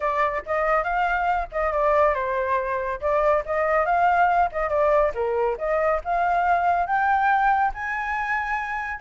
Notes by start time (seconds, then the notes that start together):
0.00 D5
0.46 D#5
0.83 F5
1.51 D#5
1.72 D5
2.14 C5
3.00 D5
3.45 D#5
3.85 F5
4.52 D#5
4.69 D5
5.14 A#4
5.57 D#5
6.04 F5
6.86 G5
7.74 G#5